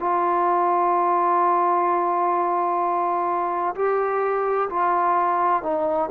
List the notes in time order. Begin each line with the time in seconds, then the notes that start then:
0.00 F4
3.75 G4
4.70 F4
5.63 D#4